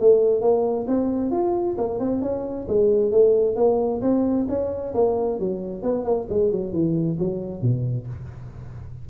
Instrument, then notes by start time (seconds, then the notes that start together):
tuba
0.00 A3
0.41 A#3
0.88 C4
1.31 F4
1.78 A#3
2.00 C4
2.22 C#4
2.68 G#3
3.12 A3
3.56 A#3
4.02 C4
4.49 C#4
4.95 A#3
5.40 F#3
5.83 B3
6.05 A#3
6.30 G#3
6.51 F#3
6.73 E3
7.19 F#3
7.62 B2